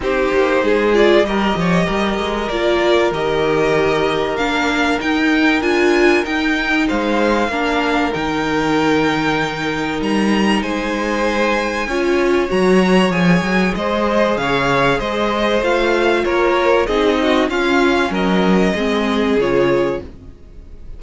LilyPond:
<<
  \new Staff \with { instrumentName = "violin" } { \time 4/4 \tempo 4 = 96 c''4. d''8 dis''2 | d''4 dis''2 f''4 | g''4 gis''4 g''4 f''4~ | f''4 g''2. |
ais''4 gis''2. | ais''4 gis''4 dis''4 f''4 | dis''4 f''4 cis''4 dis''4 | f''4 dis''2 cis''4 | }
  \new Staff \with { instrumentName = "violin" } { \time 4/4 g'4 gis'4 ais'8 cis''8 ais'4~ | ais'1~ | ais'2. c''4 | ais'1~ |
ais'4 c''2 cis''4~ | cis''2 c''4 cis''4 | c''2 ais'4 gis'8 fis'8 | f'4 ais'4 gis'2 | }
  \new Staff \with { instrumentName = "viola" } { \time 4/4 dis'4. f'8 g'2 | f'4 g'2 d'4 | dis'4 f'4 dis'2 | d'4 dis'2.~ |
dis'2. f'4 | fis'4 gis'2.~ | gis'4 f'2 dis'4 | cis'2 c'4 f'4 | }
  \new Staff \with { instrumentName = "cello" } { \time 4/4 c'8 ais8 gis4 g8 f8 g8 gis8 | ais4 dis2 ais4 | dis'4 d'4 dis'4 gis4 | ais4 dis2. |
g4 gis2 cis'4 | fis4 f8 fis8 gis4 cis4 | gis4 a4 ais4 c'4 | cis'4 fis4 gis4 cis4 | }
>>